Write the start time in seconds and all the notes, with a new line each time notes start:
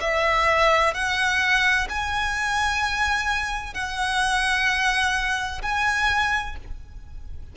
0.00 E5
0.94 F#5
1.89 G#5
3.74 F#5
5.62 G#5